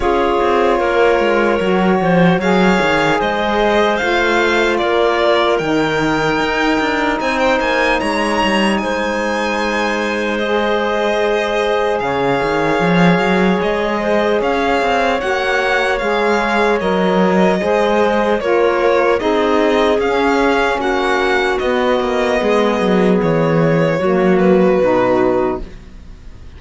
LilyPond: <<
  \new Staff \with { instrumentName = "violin" } { \time 4/4 \tempo 4 = 75 cis''2. f''4 | dis''4 f''4 d''4 g''4~ | g''4 gis''16 g''16 gis''8 ais''4 gis''4~ | gis''4 dis''2 f''4~ |
f''4 dis''4 f''4 fis''4 | f''4 dis''2 cis''4 | dis''4 f''4 fis''4 dis''4~ | dis''4 cis''4. b'4. | }
  \new Staff \with { instrumentName = "clarinet" } { \time 4/4 gis'4 ais'4. c''8 cis''4 | c''2 ais'2~ | ais'4 c''4 cis''4 c''4~ | c''2. cis''4~ |
cis''4. c''8 cis''2~ | cis''2 c''4 ais'4 | gis'2 fis'2 | gis'2 fis'2 | }
  \new Staff \with { instrumentName = "saxophone" } { \time 4/4 f'2 fis'4 gis'4~ | gis'4 f'2 dis'4~ | dis'1~ | dis'4 gis'2.~ |
gis'2. fis'4 | gis'4 ais'4 gis'4 f'4 | dis'4 cis'2 b4~ | b2 ais4 dis'4 | }
  \new Staff \with { instrumentName = "cello" } { \time 4/4 cis'8 c'8 ais8 gis8 fis8 f8 fis8 dis8 | gis4 a4 ais4 dis4 | dis'8 d'8 c'8 ais8 gis8 g8 gis4~ | gis2. cis8 dis8 |
f8 fis8 gis4 cis'8 c'8 ais4 | gis4 fis4 gis4 ais4 | c'4 cis'4 ais4 b8 ais8 | gis8 fis8 e4 fis4 b,4 | }
>>